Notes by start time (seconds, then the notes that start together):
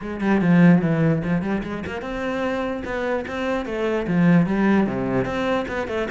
0.01 G#3
0.20 G3
0.41 F3
0.81 E3
1.24 F3
1.42 G3
1.63 G#3
1.86 A#3
2.01 C4
2.85 B3
3.27 C4
3.65 A3
4.07 F3
4.46 G3
4.86 C3
5.25 C4
5.68 B3
5.87 A3